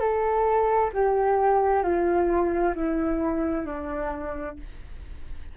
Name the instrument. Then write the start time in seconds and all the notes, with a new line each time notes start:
flute
0.00 A4
0.93 G4
1.83 F4
2.75 E4
3.66 D4